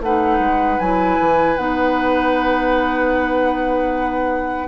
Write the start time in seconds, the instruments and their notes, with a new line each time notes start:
0.00 bassoon A3, clarinet D#4, oboe B4, flute F#5
0.39 bassoon G#3
0.79 bassoon F#3, clarinet E4, flute G#5
1.19 bassoon E3
1.56 bassoon B3, clarinet D#4, flute F#5